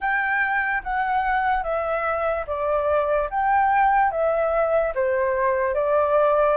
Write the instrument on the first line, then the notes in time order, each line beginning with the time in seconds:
flute
0.00 G5
0.83 F#5
1.63 E5
2.47 D5
3.30 G5
4.11 E5
4.94 C5
5.74 D5